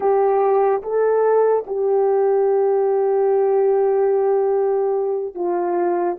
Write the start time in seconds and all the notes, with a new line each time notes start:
0.00 G4
0.82 A4
1.67 G4
5.35 F4